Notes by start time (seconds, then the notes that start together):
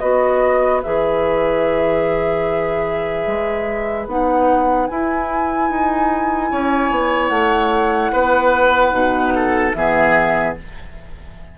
0.00 B3 F#4 B4 D#5
0.83 E3 G#4 E5
3.27 G#3
4.07 B3 D#4 F#5
4.87 E4 G#5
5.70 D#4
6.51 C#4 C#5
6.91 B3
7.28 A3 F#5
8.12 B3 B4
8.92 B2 D#4
9.36 A4
9.74 E3 B3 G#4 E5